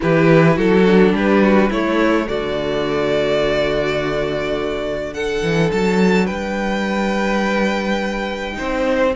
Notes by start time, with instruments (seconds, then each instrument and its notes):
0.00 cello E3, viola E4, violin G4 B4
0.55 cello F#3, violin F#4 A4
0.85 viola D4
1.12 cello G3, violin G4 B4
1.42 violin F#4
1.70 cello A3, viola A3, violin E4 C#5
2.28 cello D3, violin F#4 D5
5.12 viola D4, violin A4 F#5
5.42 cello E3
5.71 cello F#3, violin A5
6.25 cello G3, violin B4 G5
8.53 viola D#4, violin C5
8.60 cello C4